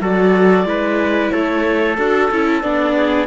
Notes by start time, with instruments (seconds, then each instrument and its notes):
0.00 cello F#3, viola F#4, trumpet A4, clarinet D5
0.65 cello G#3, viola E4, trumpet B4
1.31 cello A3, trumpet A4, clarinet C#5
1.96 cello D4, viola F#4, clarinet A4
2.30 cello C#4, viola E4
2.61 cello B3, viola D4, clarinet D5
2.96 trumpet G#4